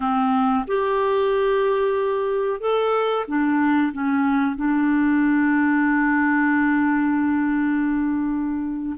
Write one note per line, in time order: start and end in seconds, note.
0.00 0.65 C4
0.67 2.60 G4
2.60 3.25 A4
3.27 3.92 D4
3.92 4.56 C#4
4.56 8.96 D4